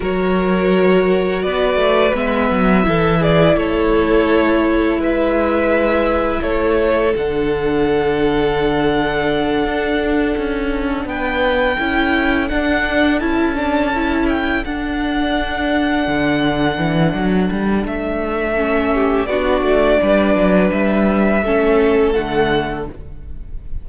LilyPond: <<
  \new Staff \with { instrumentName = "violin" } { \time 4/4 \tempo 4 = 84 cis''2 d''4 e''4~ | e''8 d''8 cis''2 e''4~ | e''4 cis''4 fis''2~ | fis''2.~ fis''8 g''8~ |
g''4. fis''4 a''4. | g''8 fis''2.~ fis''8~ | fis''4 e''2 d''4~ | d''4 e''2 fis''4 | }
  \new Staff \with { instrumentName = "violin" } { \time 4/4 ais'2 b'2 | a'8 gis'8 a'2 b'4~ | b'4 a'2.~ | a'2.~ a'8 b'8~ |
b'8 a'2.~ a'8~ | a'1~ | a'2~ a'8 g'8 fis'4 | b'2 a'2 | }
  \new Staff \with { instrumentName = "viola" } { \time 4/4 fis'2. b4 | e'1~ | e'2 d'2~ | d'1~ |
d'8 e'4 d'4 e'8 d'8 e'8~ | e'8 d'2.~ d'8~ | d'2 cis'4 d'4~ | d'2 cis'4 a4 | }
  \new Staff \with { instrumentName = "cello" } { \time 4/4 fis2 b8 a8 gis8 fis8 | e4 a2 gis4~ | gis4 a4 d2~ | d4. d'4 cis'4 b8~ |
b8 cis'4 d'4 cis'4.~ | cis'8 d'2 d4 e8 | fis8 g8 a2 b8 a8 | g8 fis8 g4 a4 d4 | }
>>